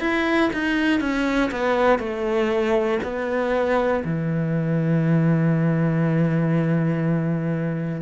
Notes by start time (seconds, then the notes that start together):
0.00 E4
0.52 D#4
1.00 C#4
1.51 B3
1.99 A3
3.03 B3
4.05 E3